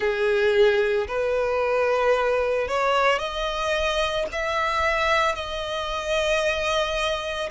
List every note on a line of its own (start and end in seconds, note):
0.00 1.07 G#4
1.07 2.68 B4
2.68 3.19 C#5
3.19 4.26 D#5
4.31 5.35 E5
5.35 7.49 D#5